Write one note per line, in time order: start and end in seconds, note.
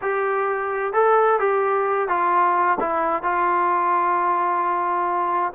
0.01 0.93 G4
0.93 1.39 A4
1.39 2.08 G4
2.08 2.77 F4
2.80 3.22 E4
3.22 5.53 F4